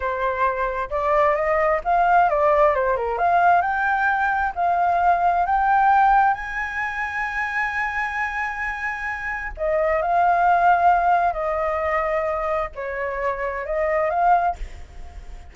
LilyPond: \new Staff \with { instrumentName = "flute" } { \time 4/4 \tempo 4 = 132 c''2 d''4 dis''4 | f''4 d''4 c''8 ais'8 f''4 | g''2 f''2 | g''2 gis''2~ |
gis''1~ | gis''4 dis''4 f''2~ | f''4 dis''2. | cis''2 dis''4 f''4 | }